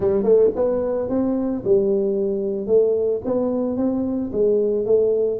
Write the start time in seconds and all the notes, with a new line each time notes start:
0.00 G3
0.23 A3
0.55 B3
1.09 C4
1.64 G3
2.67 A3
3.25 B3
3.76 C4
4.32 G#3
4.85 A3